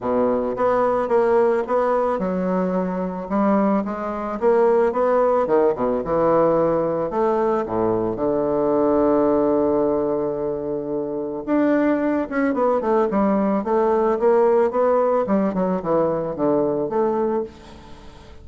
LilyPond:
\new Staff \with { instrumentName = "bassoon" } { \time 4/4 \tempo 4 = 110 b,4 b4 ais4 b4 | fis2 g4 gis4 | ais4 b4 dis8 b,8 e4~ | e4 a4 a,4 d4~ |
d1~ | d4 d'4. cis'8 b8 a8 | g4 a4 ais4 b4 | g8 fis8 e4 d4 a4 | }